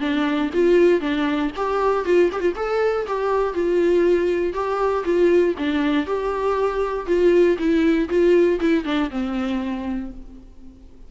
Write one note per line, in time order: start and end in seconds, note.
0.00 0.50 D4
0.53 1.01 F4
1.01 1.51 D4
1.56 2.05 G4
2.05 2.31 F4
2.32 2.40 G4
2.40 2.53 F4
2.56 3.06 A4
3.07 3.54 G4
3.54 4.54 F4
4.54 5.04 G4
5.05 5.55 F4
5.58 6.06 D4
6.06 7.07 G4
7.07 7.57 F4
7.58 8.09 E4
8.09 8.60 F4
8.60 8.85 E4
8.85 9.10 D4
9.10 10.11 C4